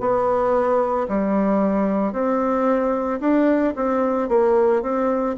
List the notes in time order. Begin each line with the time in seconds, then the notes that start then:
0.00 B3
1.08 G3
2.12 C4
3.20 D4
3.75 C4
4.29 A#3
4.82 C4